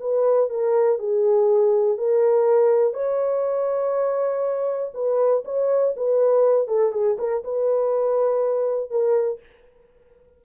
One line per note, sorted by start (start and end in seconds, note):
0.00 0.49 B4
0.49 0.98 A#4
0.98 1.98 G#4
1.98 2.93 A#4
2.93 4.92 C#5
4.94 5.43 B4
5.45 5.94 C#5
5.96 6.67 B4
6.67 6.92 A4
6.92 7.17 G#4
7.18 7.43 A#4
7.44 8.90 B4
8.90 9.40 A#4